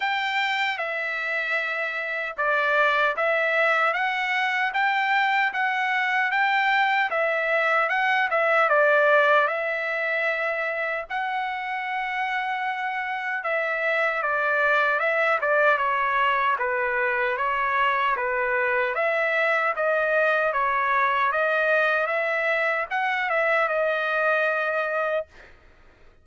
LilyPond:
\new Staff \with { instrumentName = "trumpet" } { \time 4/4 \tempo 4 = 76 g''4 e''2 d''4 | e''4 fis''4 g''4 fis''4 | g''4 e''4 fis''8 e''8 d''4 | e''2 fis''2~ |
fis''4 e''4 d''4 e''8 d''8 | cis''4 b'4 cis''4 b'4 | e''4 dis''4 cis''4 dis''4 | e''4 fis''8 e''8 dis''2 | }